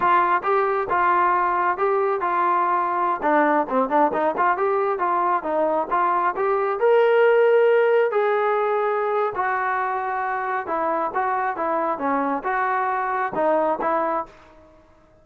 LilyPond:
\new Staff \with { instrumentName = "trombone" } { \time 4/4 \tempo 4 = 135 f'4 g'4 f'2 | g'4 f'2~ f'16 d'8.~ | d'16 c'8 d'8 dis'8 f'8 g'4 f'8.~ | f'16 dis'4 f'4 g'4 ais'8.~ |
ais'2~ ais'16 gis'4.~ gis'16~ | gis'4 fis'2. | e'4 fis'4 e'4 cis'4 | fis'2 dis'4 e'4 | }